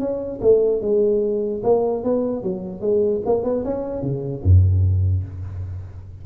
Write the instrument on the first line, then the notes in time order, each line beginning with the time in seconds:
tuba
0.00 C#4
0.42 A3
0.82 G#3
1.64 A#3
2.04 B3
2.43 F#3
2.81 G#3
3.26 A#3
3.44 B3
3.65 C#4
4.02 C#3
4.44 F#2